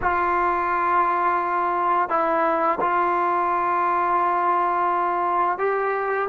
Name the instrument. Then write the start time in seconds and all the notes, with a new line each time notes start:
trombone
0.01 F4
2.09 E4
2.80 F4
5.58 G4